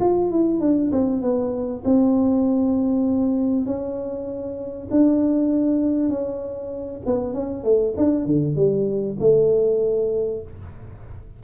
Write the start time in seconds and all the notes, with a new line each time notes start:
0.00 F4
0.31 E4
0.60 D4
0.92 C4
1.22 B3
1.85 C4
3.65 C#4
4.90 D4
6.09 C#4
7.05 B3
7.34 C#4
7.63 A3
7.97 D4
8.25 D3
8.55 G3
9.19 A3